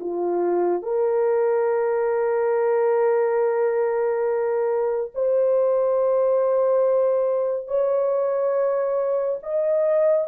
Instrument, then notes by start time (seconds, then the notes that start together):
horn
0.00 F4
0.83 A#4
5.15 C5
7.68 C#5
9.43 D#5